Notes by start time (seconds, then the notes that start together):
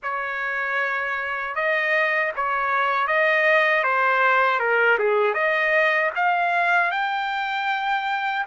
0.02 C#5
1.55 D#5
2.35 C#5
3.07 D#5
3.83 C5
4.59 A#4
4.98 G#4
5.34 D#5
6.15 F5
6.91 G5